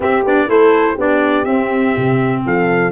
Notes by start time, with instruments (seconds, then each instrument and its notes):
0.00 clarinet C4, tuba C4, horn G4, trumpet E5
0.24 tuba B3, clarinet D4, trumpet D5
0.47 tuba A3, clarinet E4, horn A4, trumpet C5
0.94 tuba B3, clarinet D4, horn G4
1.00 trumpet D5
1.44 clarinet C4, tuba C4, trumpet E5
1.96 tuba C3
2.45 tuba F3, horn A4, trumpet F5